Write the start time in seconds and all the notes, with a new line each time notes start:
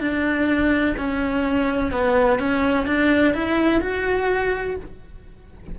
0.00 D4
0.97 C#4
1.91 B3
2.39 C#4
2.86 D4
3.34 E4
3.81 F#4